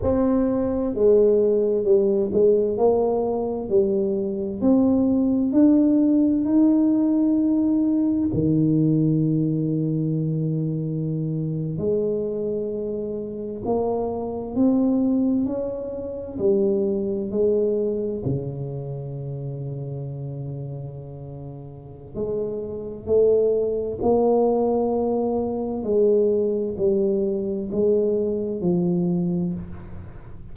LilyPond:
\new Staff \with { instrumentName = "tuba" } { \time 4/4 \tempo 4 = 65 c'4 gis4 g8 gis8 ais4 | g4 c'4 d'4 dis'4~ | dis'4 dis2.~ | dis8. gis2 ais4 c'16~ |
c'8. cis'4 g4 gis4 cis16~ | cis1 | gis4 a4 ais2 | gis4 g4 gis4 f4 | }